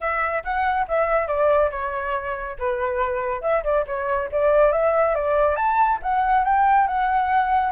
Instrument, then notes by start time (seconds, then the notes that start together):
flute
0.01 E5
0.43 F#5
0.88 E5
1.27 D5
1.70 C#5
2.58 B4
3.41 E5
3.63 D5
3.86 C#5
4.31 D5
4.72 E5
5.14 D5
5.55 A5
6.02 F#5
6.44 G5
6.87 F#5